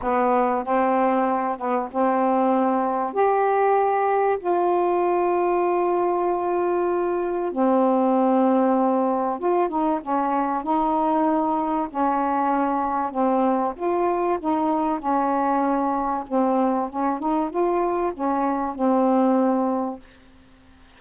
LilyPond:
\new Staff \with { instrumentName = "saxophone" } { \time 4/4 \tempo 4 = 96 b4 c'4. b8 c'4~ | c'4 g'2 f'4~ | f'1 | c'2. f'8 dis'8 |
cis'4 dis'2 cis'4~ | cis'4 c'4 f'4 dis'4 | cis'2 c'4 cis'8 dis'8 | f'4 cis'4 c'2 | }